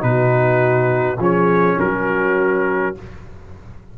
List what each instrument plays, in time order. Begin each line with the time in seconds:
0.00 tuba B2, trombone D#4, horn F#4, trumpet B4
1.19 tuba F3, trombone C#4, horn G#4, trumpet C#5
1.79 tuba F#3, horn F#4, trumpet A#4